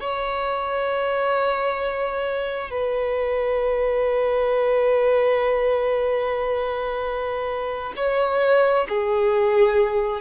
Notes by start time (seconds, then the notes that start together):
0.00 C#5
2.71 B4
7.97 C#5
8.89 G#4